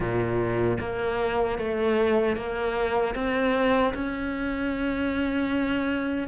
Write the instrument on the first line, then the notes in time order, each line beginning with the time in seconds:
cello
0.00 A#2
0.79 A#3
1.58 A3
2.36 A#3
3.14 C4
3.94 C#4